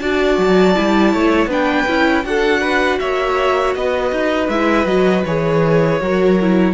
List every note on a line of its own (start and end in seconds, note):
0.00 0.38 D4
0.00 0.75 F#4
0.00 1.13 D5
0.00 1.50 A5
0.38 0.76 F#3
0.75 1.14 G3
0.75 1.49 E4
1.13 1.47 A3
1.13 1.50 C#5
1.47 1.84 B3
1.47 1.87 D4
1.47 2.25 B4
1.47 2.25 G5
1.87 2.25 C#4
1.87 2.24 E4
2.24 3.00 D4
2.24 4.49 F#4
2.24 2.61 A4
2.24 3.00 F#5
2.61 2.98 B4
3.00 3.75 A#3
3.00 3.76 C#5
3.00 3.75 E5
3.75 4.12 B3
3.75 6.01 B4
3.75 4.50 D#5
4.12 4.49 D#4
4.49 4.85 G#3
4.49 4.87 E4
4.49 4.86 E5
4.85 5.23 F#3
4.85 5.25 F#4
4.85 5.24 D#5
5.25 6.01 E3
5.25 6.01 G#4
5.25 6.74 C#5
6.01 6.74 F#3
6.01 6.38 F#4
6.01 6.74 A#4
6.40 6.74 E4